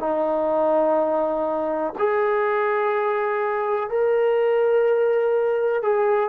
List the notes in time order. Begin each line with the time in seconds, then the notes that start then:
0.00 D#4
1.98 G#4
3.90 A#4
5.82 G#4